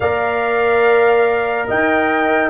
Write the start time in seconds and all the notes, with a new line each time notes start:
0.00 A#3 A#4 D5 F5
1.68 D#4 D#5 G5